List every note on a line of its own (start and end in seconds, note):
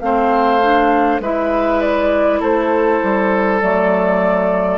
0.00 1.20 A3
0.00 0.61 C4
0.00 1.22 C5
0.00 1.20 F5
0.62 1.22 D4
1.20 2.40 G#3
1.20 3.62 E4
1.20 2.40 B4
1.20 1.81 E5
1.81 2.41 D5
2.40 3.01 A3
2.40 4.78 A4
2.40 3.61 C5
3.03 3.62 G3
3.61 4.78 F#3
3.61 4.78 A3
3.61 4.78 D5